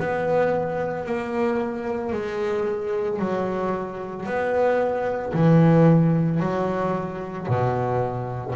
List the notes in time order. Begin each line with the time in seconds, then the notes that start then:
0.00 B3
1.06 A#3
2.13 G#3
3.19 F#3
4.26 B3
5.34 E3
6.40 F#3
7.49 B2